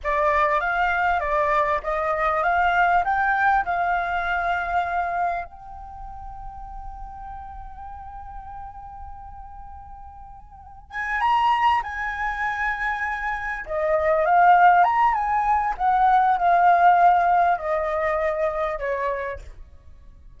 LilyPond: \new Staff \with { instrumentName = "flute" } { \time 4/4 \tempo 4 = 99 d''4 f''4 d''4 dis''4 | f''4 g''4 f''2~ | f''4 g''2.~ | g''1~ |
g''2 gis''8 ais''4 gis''8~ | gis''2~ gis''8 dis''4 f''8~ | f''8 ais''8 gis''4 fis''4 f''4~ | f''4 dis''2 cis''4 | }